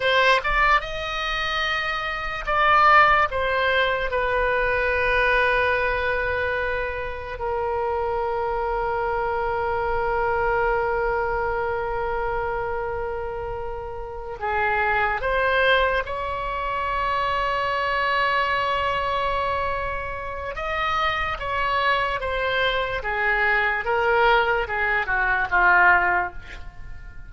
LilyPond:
\new Staff \with { instrumentName = "oboe" } { \time 4/4 \tempo 4 = 73 c''8 d''8 dis''2 d''4 | c''4 b'2.~ | b'4 ais'2.~ | ais'1~ |
ais'4. gis'4 c''4 cis''8~ | cis''1~ | cis''4 dis''4 cis''4 c''4 | gis'4 ais'4 gis'8 fis'8 f'4 | }